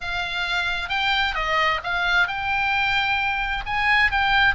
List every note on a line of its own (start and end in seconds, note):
0.00 0.89 F5
0.89 1.34 G5
1.35 1.80 D#5
1.83 2.27 F5
2.27 3.63 G5
3.66 4.11 G#5
4.11 4.54 G5